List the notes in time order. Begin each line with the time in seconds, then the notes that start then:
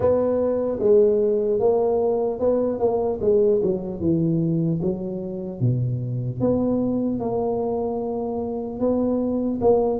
0.00 B3
0.79 G#3
1.59 A#3
2.39 B3
2.79 A#3
3.21 G#3
3.62 F#3
4.00 E3
4.81 F#3
5.60 B2
6.40 B3
7.19 A#3
8.79 B3
9.61 A#3